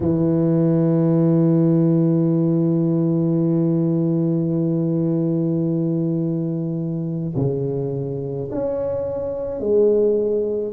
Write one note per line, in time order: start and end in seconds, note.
0.00 7.34 E3
7.35 8.49 C#3
8.51 9.60 C#4
9.60 10.73 G#3